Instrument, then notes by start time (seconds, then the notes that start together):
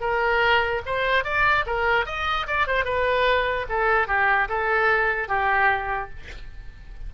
oboe
0.00 A#4
0.86 C5
1.24 D5
1.66 A#4
2.06 D#5
2.47 D5
2.67 C5
2.84 B4
3.69 A4
4.07 G4
4.48 A4
5.28 G4